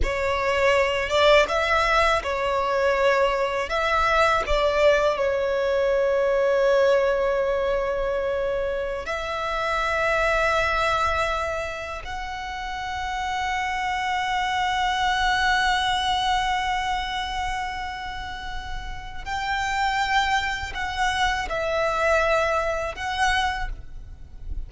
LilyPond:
\new Staff \with { instrumentName = "violin" } { \time 4/4 \tempo 4 = 81 cis''4. d''8 e''4 cis''4~ | cis''4 e''4 d''4 cis''4~ | cis''1~ | cis''16 e''2.~ e''8.~ |
e''16 fis''2.~ fis''8.~ | fis''1~ | fis''2 g''2 | fis''4 e''2 fis''4 | }